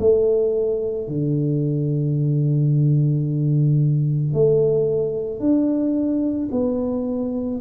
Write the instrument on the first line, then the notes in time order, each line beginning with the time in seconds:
tuba
0.00 A3
1.08 D3
4.34 A3
5.40 D4
6.52 B3